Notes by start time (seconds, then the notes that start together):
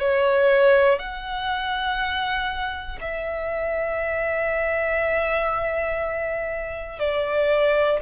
0.00 C#5
0.99 F#5
3.01 E5
7.00 D5